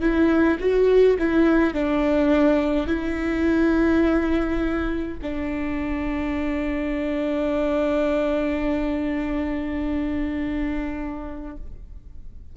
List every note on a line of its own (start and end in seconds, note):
0.00 0.58 E4
0.59 1.17 F#4
1.18 1.74 E4
1.74 2.87 D4
2.87 5.18 E4
5.22 11.56 D4